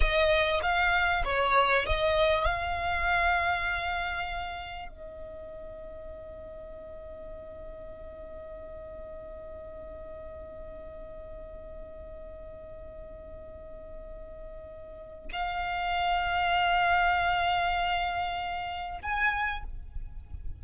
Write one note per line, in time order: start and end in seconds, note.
0.00 0.60 D#5
0.62 1.23 F5
1.24 1.85 C#5
1.86 2.44 D#5
2.44 4.88 F5
4.88 15.29 D#5
15.32 18.99 F5
19.02 19.63 G#5